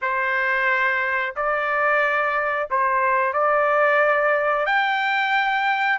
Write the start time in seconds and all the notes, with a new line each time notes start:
0.01 C5
1.35 D5
2.70 C5
3.33 D5
4.65 G5